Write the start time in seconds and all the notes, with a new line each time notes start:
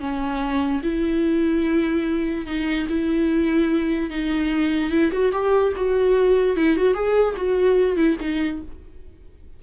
0.00 C#4
0.83 E4
2.46 D#4
2.89 E4
4.10 D#4
4.91 E4
5.12 F#4
5.32 G4
5.76 F#4
6.56 E4
6.77 F#4
6.94 G#4
7.37 F#4
7.96 E4
8.21 D#4